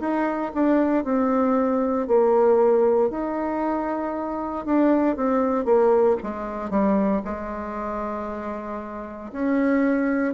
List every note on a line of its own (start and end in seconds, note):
0.00 0.52 D#4
0.54 1.04 D4
1.04 2.07 C4
2.07 3.10 A#3
3.10 4.65 D#4
4.65 5.16 D4
5.16 5.65 C4
5.65 6.16 A#3
6.23 6.70 G#3
6.70 7.22 G3
7.25 9.32 G#3
9.32 10.34 C#4